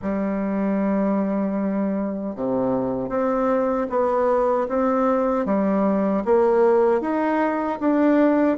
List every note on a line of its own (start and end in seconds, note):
0.01 2.35 G3
2.35 3.09 C3
3.09 3.87 C4
3.89 4.67 B3
4.68 5.45 C4
5.45 6.23 G3
6.24 7.00 A#3
7.00 7.78 D#4
7.80 8.57 D4